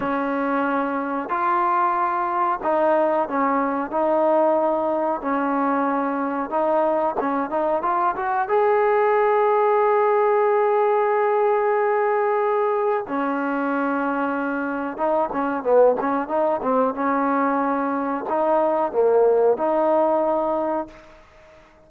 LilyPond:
\new Staff \with { instrumentName = "trombone" } { \time 4/4 \tempo 4 = 92 cis'2 f'2 | dis'4 cis'4 dis'2 | cis'2 dis'4 cis'8 dis'8 | f'8 fis'8 gis'2.~ |
gis'1 | cis'2. dis'8 cis'8 | b8 cis'8 dis'8 c'8 cis'2 | dis'4 ais4 dis'2 | }